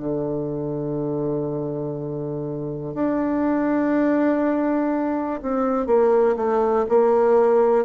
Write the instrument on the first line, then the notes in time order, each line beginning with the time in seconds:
bassoon
0.00 D3
2.95 D4
5.43 C4
5.87 A#3
6.37 A3
6.89 A#3